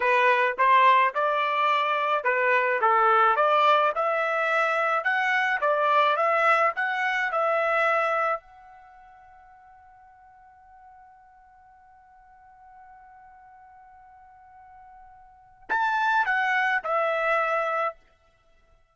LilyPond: \new Staff \with { instrumentName = "trumpet" } { \time 4/4 \tempo 4 = 107 b'4 c''4 d''2 | b'4 a'4 d''4 e''4~ | e''4 fis''4 d''4 e''4 | fis''4 e''2 fis''4~ |
fis''1~ | fis''1~ | fis''1 | a''4 fis''4 e''2 | }